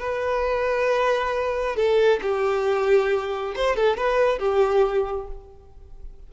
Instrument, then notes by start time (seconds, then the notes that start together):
violin
0.00 B4
1.76 A4
2.22 G4
3.56 C5
3.76 A4
3.98 B4
4.39 G4